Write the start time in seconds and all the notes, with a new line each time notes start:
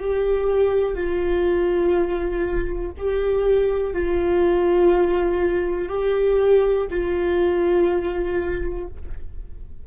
0.00 G4
0.95 F4
2.97 G4
3.93 F4
5.89 G4
6.91 F4